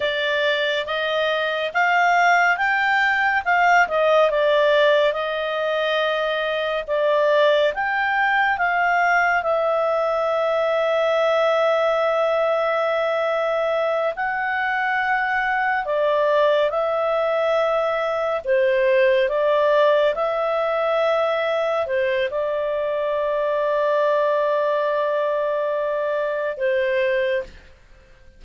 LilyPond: \new Staff \with { instrumentName = "clarinet" } { \time 4/4 \tempo 4 = 70 d''4 dis''4 f''4 g''4 | f''8 dis''8 d''4 dis''2 | d''4 g''4 f''4 e''4~ | e''1~ |
e''8 fis''2 d''4 e''8~ | e''4. c''4 d''4 e''8~ | e''4. c''8 d''2~ | d''2. c''4 | }